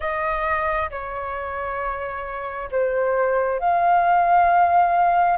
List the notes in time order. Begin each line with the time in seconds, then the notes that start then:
0.00 D#5
0.90 C#5
2.71 C5
3.59 F5